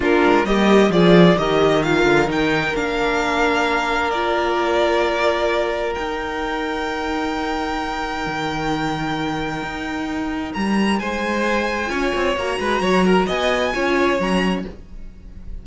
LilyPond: <<
  \new Staff \with { instrumentName = "violin" } { \time 4/4 \tempo 4 = 131 ais'4 dis''4 d''4 dis''4 | f''4 g''4 f''2~ | f''4 d''2.~ | d''4 g''2.~ |
g''1~ | g''2. ais''4 | gis''2. ais''4~ | ais''4 gis''2 ais''4 | }
  \new Staff \with { instrumentName = "violin" } { \time 4/4 f'4 g'4 gis'4 ais'4~ | ais'1~ | ais'1~ | ais'1~ |
ais'1~ | ais'1 | c''2 cis''4. b'8 | cis''8 ais'8 dis''4 cis''2 | }
  \new Staff \with { instrumentName = "viola" } { \time 4/4 d'4 ais4 f'4 g'4 | f'4 dis'4 d'2~ | d'4 f'2.~ | f'4 dis'2.~ |
dis'1~ | dis'1~ | dis'2 f'4 fis'4~ | fis'2 f'4 cis'4 | }
  \new Staff \with { instrumentName = "cello" } { \time 4/4 ais8 gis8 g4 f4 dis4~ | dis8 d8 dis4 ais2~ | ais1~ | ais4 dis'2.~ |
dis'2 dis2~ | dis4 dis'2 g4 | gis2 cis'8 c'8 ais8 gis8 | fis4 b4 cis'4 fis4 | }
>>